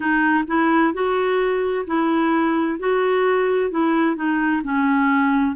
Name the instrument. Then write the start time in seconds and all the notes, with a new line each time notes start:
clarinet
0.00 D#4
0.47 E4
0.93 F#4
1.86 E4
2.79 F#4
3.70 E4
4.15 D#4
4.63 C#4